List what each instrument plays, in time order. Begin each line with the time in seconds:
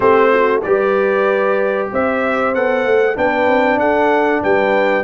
0.00 tuba A3, trombone C4, horn G4, trumpet C5
0.32 horn F#4
0.62 tuba G3, trombone G4, horn B4, trumpet D5
1.92 tuba C4, horn C5, trumpet E5
2.54 tuba B3, trombone A4, trumpet F#5
2.84 tuba A3
3.15 tuba B3, trombone D4, horn B4, trumpet G5
3.47 tuba C4
3.77 tuba D4, horn A4, trumpet F#5
4.42 tuba G3, horn B4, trumpet G5